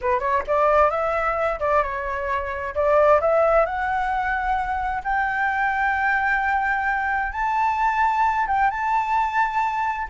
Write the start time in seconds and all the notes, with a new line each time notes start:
0.01 B4
0.19 C#5
0.47 D5
0.90 E5
1.59 D5
1.82 C#5
2.74 D5
3.20 E5
3.65 F#5
5.04 G5
7.32 A5
8.47 G5
8.70 A5